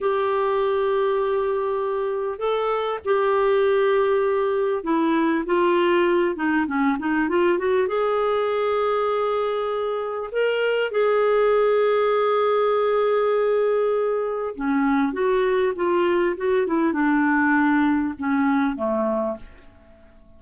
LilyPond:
\new Staff \with { instrumentName = "clarinet" } { \time 4/4 \tempo 4 = 99 g'1 | a'4 g'2. | e'4 f'4. dis'8 cis'8 dis'8 | f'8 fis'8 gis'2.~ |
gis'4 ais'4 gis'2~ | gis'1 | cis'4 fis'4 f'4 fis'8 e'8 | d'2 cis'4 a4 | }